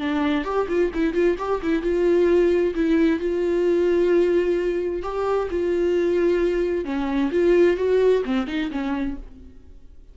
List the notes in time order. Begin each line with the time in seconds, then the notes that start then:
0.00 D4
0.45 G4
0.69 F4
0.94 E4
1.14 F4
1.39 G4
1.63 E4
1.83 F4
2.75 E4
3.20 F4
5.03 G4
5.51 F4
6.85 C#4
7.32 F4
7.77 F#4
8.25 C4
8.48 D#4
8.71 C#4